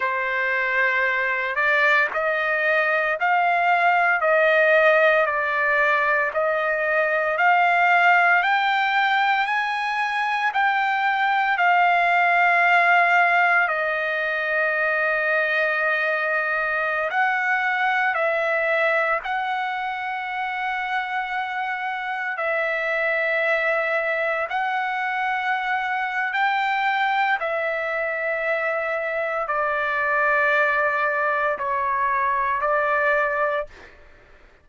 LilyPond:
\new Staff \with { instrumentName = "trumpet" } { \time 4/4 \tempo 4 = 57 c''4. d''8 dis''4 f''4 | dis''4 d''4 dis''4 f''4 | g''4 gis''4 g''4 f''4~ | f''4 dis''2.~ |
dis''16 fis''4 e''4 fis''4.~ fis''16~ | fis''4~ fis''16 e''2 fis''8.~ | fis''4 g''4 e''2 | d''2 cis''4 d''4 | }